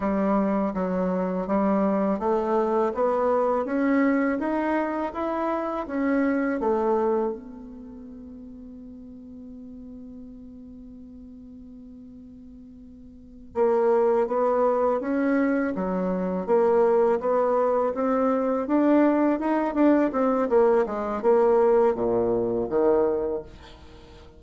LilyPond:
\new Staff \with { instrumentName = "bassoon" } { \time 4/4 \tempo 4 = 82 g4 fis4 g4 a4 | b4 cis'4 dis'4 e'4 | cis'4 a4 b2~ | b1~ |
b2~ b8 ais4 b8~ | b8 cis'4 fis4 ais4 b8~ | b8 c'4 d'4 dis'8 d'8 c'8 | ais8 gis8 ais4 ais,4 dis4 | }